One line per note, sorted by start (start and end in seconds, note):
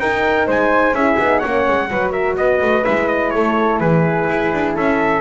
0.00 0.48 D#4
0.00 0.96 D#4
0.00 0.47 A#4
0.00 0.48 G5
0.47 0.93 G#3
0.47 0.95 C5
0.47 0.95 G#5
0.93 1.16 C#4
0.93 1.21 E4
0.93 1.40 G#4
0.93 1.39 E5
1.19 1.43 B3
1.19 1.43 D#4
1.39 1.90 C#4
1.39 1.88 C#5
1.39 2.11 F#5
1.46 1.68 A#3
1.68 1.91 G#3
1.90 2.37 F#3
1.90 2.85 F#4
1.90 2.12 B4
2.12 2.36 A#4
2.12 2.36 E5
2.37 2.60 B3
2.37 3.34 B4
2.37 2.85 D#5
2.62 2.86 A3
2.85 3.35 G#3
2.85 5.21 E4
2.85 3.08 E5
3.08 3.30 D#5
3.30 3.81 A3
3.30 3.81 A4
3.30 3.78 C#5
3.80 4.28 E3
3.80 4.75 G#4
3.80 4.75 B4
4.30 4.53 E4
4.53 4.76 D4
4.75 5.21 C#4
4.75 5.21 A4
4.75 5.21 E5